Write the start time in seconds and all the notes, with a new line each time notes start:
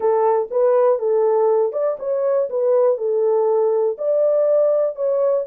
0.00 A4
0.50 B4
0.98 A4
1.72 D5
1.99 C#5
2.49 B4
2.97 A4
3.98 D5
4.95 C#5